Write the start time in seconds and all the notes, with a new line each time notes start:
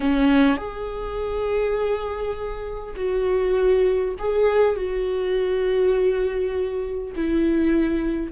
0.00 C#4
0.57 G#4
2.96 F#4
4.18 G#4
4.76 F#4
7.15 E4